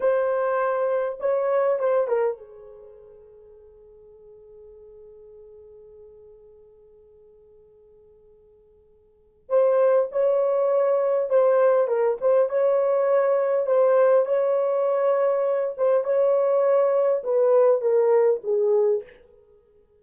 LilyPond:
\new Staff \with { instrumentName = "horn" } { \time 4/4 \tempo 4 = 101 c''2 cis''4 c''8 ais'8 | gis'1~ | gis'1~ | gis'1 |
c''4 cis''2 c''4 | ais'8 c''8 cis''2 c''4 | cis''2~ cis''8 c''8 cis''4~ | cis''4 b'4 ais'4 gis'4 | }